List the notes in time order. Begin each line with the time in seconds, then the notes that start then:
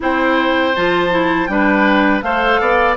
0.00 C4 E4 C5 G5
0.75 F3 F4 A5
1.10 E4
1.46 G3 D4 B4 G5
2.21 A3 A4 C5 F5
2.60 B3 D5